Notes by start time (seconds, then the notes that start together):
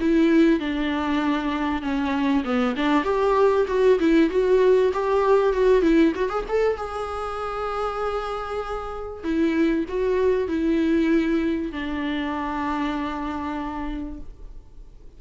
0.00 E4
0.60 D4
1.82 C#4
2.45 B3
2.76 D4
3.04 G4
3.68 F#4
4.00 E4
4.30 F#4
4.93 G4
5.53 F#4
5.82 E4
6.15 F#4
6.29 G#4
6.48 A4
6.77 G#4
9.24 E4
9.89 F#4
10.48 E4
11.72 D4